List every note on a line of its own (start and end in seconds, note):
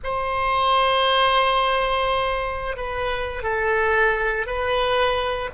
0.03 2.76 C5
2.76 3.42 B4
3.42 4.46 A4
4.46 5.50 B4